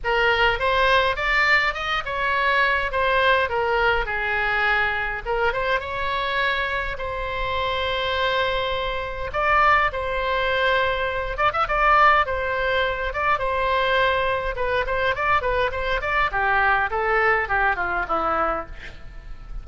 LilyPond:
\new Staff \with { instrumentName = "oboe" } { \time 4/4 \tempo 4 = 103 ais'4 c''4 d''4 dis''8 cis''8~ | cis''4 c''4 ais'4 gis'4~ | gis'4 ais'8 c''8 cis''2 | c''1 |
d''4 c''2~ c''8 d''16 e''16 | d''4 c''4. d''8 c''4~ | c''4 b'8 c''8 d''8 b'8 c''8 d''8 | g'4 a'4 g'8 f'8 e'4 | }